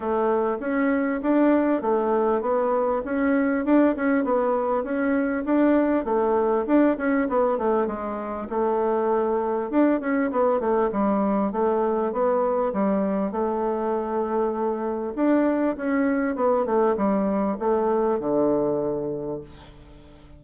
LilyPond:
\new Staff \with { instrumentName = "bassoon" } { \time 4/4 \tempo 4 = 99 a4 cis'4 d'4 a4 | b4 cis'4 d'8 cis'8 b4 | cis'4 d'4 a4 d'8 cis'8 | b8 a8 gis4 a2 |
d'8 cis'8 b8 a8 g4 a4 | b4 g4 a2~ | a4 d'4 cis'4 b8 a8 | g4 a4 d2 | }